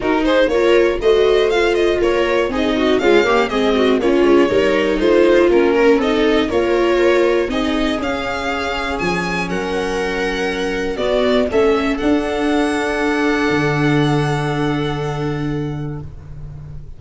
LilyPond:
<<
  \new Staff \with { instrumentName = "violin" } { \time 4/4 \tempo 4 = 120 ais'8 c''8 cis''4 dis''4 f''8 dis''8 | cis''4 dis''4 f''4 dis''4 | cis''2 c''4 ais'4 | dis''4 cis''2 dis''4 |
f''2 gis''4 fis''4~ | fis''2 d''4 e''4 | fis''1~ | fis''1 | }
  \new Staff \with { instrumentName = "viola" } { \time 4/4 fis'8 gis'8 ais'4 c''2 | ais'4 gis'8 fis'8 f'8 g'8 gis'8 fis'8 | f'4 ais'4 f'4. ais'8 | a'4 ais'2 gis'4~ |
gis'2. ais'4~ | ais'2 fis'4 a'4~ | a'1~ | a'1 | }
  \new Staff \with { instrumentName = "viola" } { \time 4/4 dis'4 f'4 fis'4 f'4~ | f'4 dis'4 gis8 ais8 c'4 | cis'4 dis'2 cis'4 | dis'4 f'2 dis'4 |
cis'1~ | cis'2 b4 cis'4 | d'1~ | d'1 | }
  \new Staff \with { instrumentName = "tuba" } { \time 4/4 dis'4 ais4 a2 | ais4 c'4 cis'4 gis4 | ais8 gis8 g4 a4 ais4 | c'4 ais2 c'4 |
cis'2 f4 fis4~ | fis2 b4 a4 | d'2. d4~ | d1 | }
>>